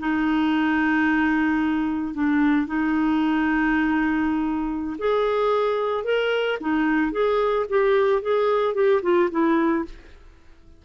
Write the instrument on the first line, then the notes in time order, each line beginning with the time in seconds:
clarinet
0.00 D#4
2.14 D4
2.67 D#4
4.99 G#4
6.04 A#4
6.61 D#4
7.12 G#4
7.69 G4
8.22 G#4
8.74 G4
9.03 F4
9.31 E4